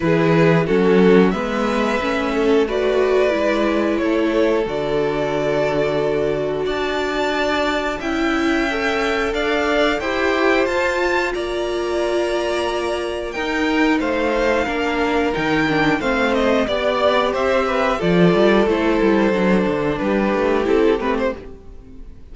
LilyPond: <<
  \new Staff \with { instrumentName = "violin" } { \time 4/4 \tempo 4 = 90 b'4 a'4 e''2 | d''2 cis''4 d''4~ | d''2 a''2 | g''2 f''4 g''4 |
a''4 ais''2. | g''4 f''2 g''4 | f''8 dis''8 d''4 e''4 d''4 | c''2 b'4 a'8 b'16 c''16 | }
  \new Staff \with { instrumentName = "violin" } { \time 4/4 gis'4 fis'4 b'4. a'8 | b'2 a'2~ | a'2 d''2 | e''2 d''4 c''4~ |
c''4 d''2. | ais'4 c''4 ais'2 | c''4 d''4 c''8 b'8 a'4~ | a'2 g'2 | }
  \new Staff \with { instrumentName = "viola" } { \time 4/4 e'4 cis'4 b4 cis'4 | fis'4 e'2 fis'4~ | fis'1 | e'4 a'2 g'4 |
f'1 | dis'2 d'4 dis'8 d'8 | c'4 g'2 f'4 | e'4 d'2 e'8 c'8 | }
  \new Staff \with { instrumentName = "cello" } { \time 4/4 e4 fis4 gis4 a4~ | a4 gis4 a4 d4~ | d2 d'2 | cis'2 d'4 e'4 |
f'4 ais2. | dis'4 a4 ais4 dis4 | a4 b4 c'4 f8 g8 | a8 g8 fis8 d8 g8 a8 c'8 a8 | }
>>